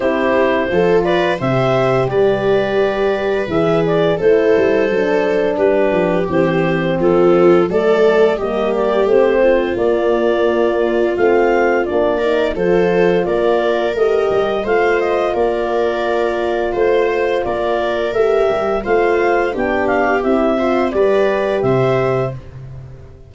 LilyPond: <<
  \new Staff \with { instrumentName = "clarinet" } { \time 4/4 \tempo 4 = 86 c''4. d''8 e''4 d''4~ | d''4 e''8 d''8 c''2 | b'4 c''4 a'4 d''4 | dis''8 d''8 c''4 d''2 |
f''4 d''4 c''4 d''4 | dis''4 f''8 dis''8 d''2 | c''4 d''4 e''4 f''4 | g''8 f''8 e''4 d''4 e''4 | }
  \new Staff \with { instrumentName = "viola" } { \time 4/4 g'4 a'8 b'8 c''4 b'4~ | b'2 a'2 | g'2 f'4 a'4 | g'4. f'2~ f'8~ |
f'4. ais'8 a'4 ais'4~ | ais'4 c''4 ais'2 | c''4 ais'2 c''4 | g'4. c''8 b'4 c''4 | }
  \new Staff \with { instrumentName = "horn" } { \time 4/4 e'4 f'4 g'2~ | g'4 gis'4 e'4 d'4~ | d'4 c'2 a4 | ais4 c'4 ais2 |
c'4 d'8 dis'8 f'2 | g'4 f'2.~ | f'2 g'4 f'4 | d'4 e'8 f'8 g'2 | }
  \new Staff \with { instrumentName = "tuba" } { \time 4/4 c'4 f4 c4 g4~ | g4 e4 a8 g8 fis4 | g8 f8 e4 f4 fis4 | g4 a4 ais2 |
a4 ais4 f4 ais4 | a8 g8 a4 ais2 | a4 ais4 a8 g8 a4 | b4 c'4 g4 c4 | }
>>